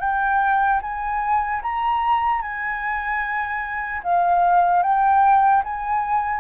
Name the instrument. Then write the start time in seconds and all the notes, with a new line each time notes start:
flute
0.00 G5
0.82 G#5
1.62 A#5
2.42 G#5
4.04 F5
4.83 G5
5.64 G#5